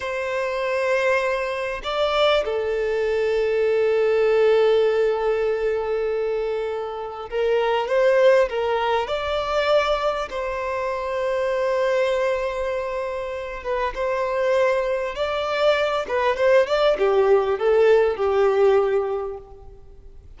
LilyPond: \new Staff \with { instrumentName = "violin" } { \time 4/4 \tempo 4 = 99 c''2. d''4 | a'1~ | a'1 | ais'4 c''4 ais'4 d''4~ |
d''4 c''2.~ | c''2~ c''8 b'8 c''4~ | c''4 d''4. b'8 c''8 d''8 | g'4 a'4 g'2 | }